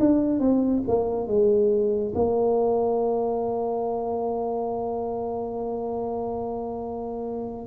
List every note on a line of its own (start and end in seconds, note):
0.00 0.40 D4
0.40 0.83 C4
0.88 1.27 A#3
1.27 2.13 G#3
2.15 7.67 A#3